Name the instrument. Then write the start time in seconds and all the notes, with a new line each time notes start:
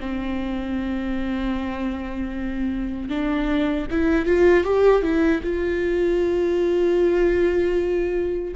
viola
0.00 C4
3.09 D4
3.91 E4
4.26 F4
4.64 G4
5.02 E4
5.43 F4